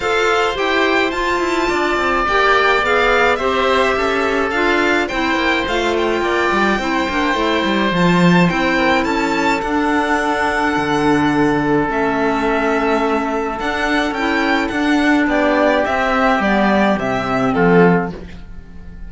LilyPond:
<<
  \new Staff \with { instrumentName = "violin" } { \time 4/4 \tempo 4 = 106 f''4 g''4 a''2 | g''4 f''4 e''2 | f''4 g''4 f''8 g''4.~ | g''2 a''4 g''4 |
a''4 fis''2.~ | fis''4 e''2. | fis''4 g''4 fis''4 d''4 | e''4 d''4 e''4 a'4 | }
  \new Staff \with { instrumentName = "oboe" } { \time 4/4 c''2. d''4~ | d''2 c''4 a'4~ | a'4 c''2 d''4 | c''2.~ c''8 ais'8 |
a'1~ | a'1~ | a'2. g'4~ | g'2. f'4 | }
  \new Staff \with { instrumentName = "clarinet" } { \time 4/4 a'4 g'4 f'2 | g'4 gis'4 g'2 | f'4 e'4 f'2 | e'8 d'8 e'4 f'4 e'4~ |
e'4 d'2.~ | d'4 cis'2. | d'4 e'4 d'2 | c'4 b4 c'2 | }
  \new Staff \with { instrumentName = "cello" } { \time 4/4 f'4 e'4 f'8 e'8 d'8 c'8 | ais4 b4 c'4 cis'4 | d'4 c'8 ais8 a4 ais8 g8 | c'8 ais8 a8 g8 f4 c'4 |
cis'4 d'2 d4~ | d4 a2. | d'4 cis'4 d'4 b4 | c'4 g4 c4 f4 | }
>>